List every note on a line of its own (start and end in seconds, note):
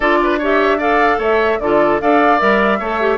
0.00 1.18 D4
0.00 0.41 F4
0.00 0.18 A4
0.00 0.40 D5
0.23 0.38 B4
0.38 0.79 G4
0.38 0.77 C#5
0.38 0.80 E5
0.77 1.59 A4
0.77 1.17 D5
0.77 1.20 F5
1.18 1.58 A3
1.18 1.58 C#5
1.18 1.59 E5
1.59 2.00 D3
1.59 2.00 F4
1.59 2.01 A4
1.59 1.99 D5
2.00 2.41 D4
2.00 2.39 A4
2.00 2.79 D5
2.00 2.39 F5
2.39 2.80 G3
2.39 2.79 A#4
2.39 3.18 E5
2.79 3.18 A3
2.79 3.00 A4
2.79 3.18 C#5
3.00 3.18 G4